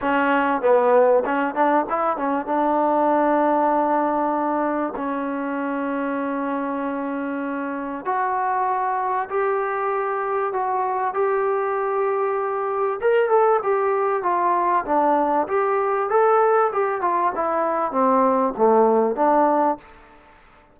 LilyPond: \new Staff \with { instrumentName = "trombone" } { \time 4/4 \tempo 4 = 97 cis'4 b4 cis'8 d'8 e'8 cis'8 | d'1 | cis'1~ | cis'4 fis'2 g'4~ |
g'4 fis'4 g'2~ | g'4 ais'8 a'8 g'4 f'4 | d'4 g'4 a'4 g'8 f'8 | e'4 c'4 a4 d'4 | }